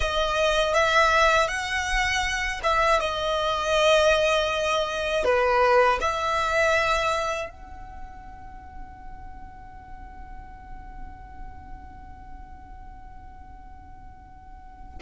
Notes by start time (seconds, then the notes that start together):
0.00 D#5
0.74 E5
1.48 F#5
2.63 E5
3.00 D#5
5.24 B4
6.00 E5
7.49 F#5